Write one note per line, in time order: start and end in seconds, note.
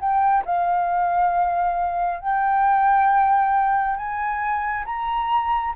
0.00 0.44 G5
0.45 2.20 F5
2.20 3.97 G5
3.97 4.85 G#5
4.86 5.74 A#5